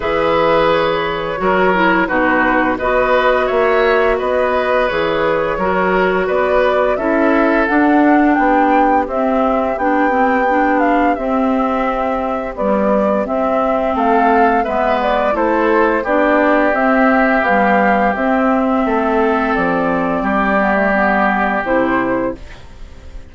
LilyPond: <<
  \new Staff \with { instrumentName = "flute" } { \time 4/4 \tempo 4 = 86 e''4 cis''2 b'4 | dis''4 e''4 dis''4 cis''4~ | cis''4 d''4 e''4 fis''4 | g''4 e''4 g''4. f''8 |
e''2 d''4 e''4 | f''4 e''8 d''8 c''4 d''4 | e''4 f''4 e''2 | d''2. c''4 | }
  \new Staff \with { instrumentName = "oboe" } { \time 4/4 b'2 ais'4 fis'4 | b'4 cis''4 b'2 | ais'4 b'4 a'2 | g'1~ |
g'1 | a'4 b'4 a'4 g'4~ | g'2. a'4~ | a'4 g'2. | }
  \new Staff \with { instrumentName = "clarinet" } { \time 4/4 gis'2 fis'8 e'8 dis'4 | fis'2. gis'4 | fis'2 e'4 d'4~ | d'4 c'4 d'8 c'8 d'4 |
c'2 g4 c'4~ | c'4 b4 e'4 d'4 | c'4 g4 c'2~ | c'4. b16 a16 b4 e'4 | }
  \new Staff \with { instrumentName = "bassoon" } { \time 4/4 e2 fis4 b,4 | b4 ais4 b4 e4 | fis4 b4 cis'4 d'4 | b4 c'4 b2 |
c'2 b4 c'4 | a4 gis4 a4 b4 | c'4 b4 c'4 a4 | f4 g2 c4 | }
>>